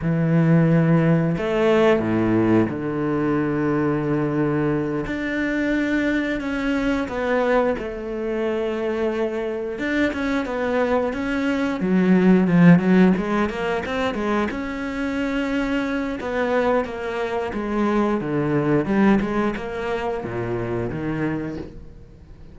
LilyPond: \new Staff \with { instrumentName = "cello" } { \time 4/4 \tempo 4 = 89 e2 a4 a,4 | d2.~ d8 d'8~ | d'4. cis'4 b4 a8~ | a2~ a8 d'8 cis'8 b8~ |
b8 cis'4 fis4 f8 fis8 gis8 | ais8 c'8 gis8 cis'2~ cis'8 | b4 ais4 gis4 d4 | g8 gis8 ais4 ais,4 dis4 | }